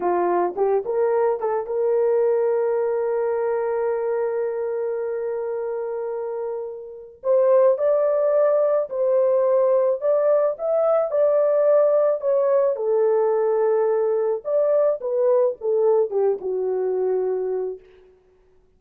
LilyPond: \new Staff \with { instrumentName = "horn" } { \time 4/4 \tempo 4 = 108 f'4 g'8 ais'4 a'8 ais'4~ | ais'1~ | ais'1~ | ais'4 c''4 d''2 |
c''2 d''4 e''4 | d''2 cis''4 a'4~ | a'2 d''4 b'4 | a'4 g'8 fis'2~ fis'8 | }